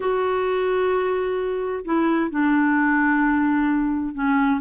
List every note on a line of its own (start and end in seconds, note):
0.00 1.84 F#4
1.84 2.30 E4
2.30 4.14 D4
4.14 4.60 C#4